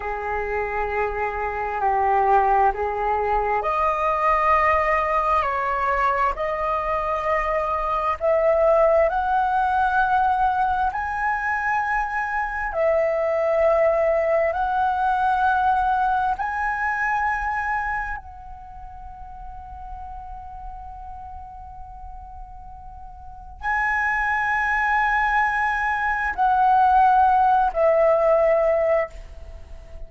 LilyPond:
\new Staff \with { instrumentName = "flute" } { \time 4/4 \tempo 4 = 66 gis'2 g'4 gis'4 | dis''2 cis''4 dis''4~ | dis''4 e''4 fis''2 | gis''2 e''2 |
fis''2 gis''2 | fis''1~ | fis''2 gis''2~ | gis''4 fis''4. e''4. | }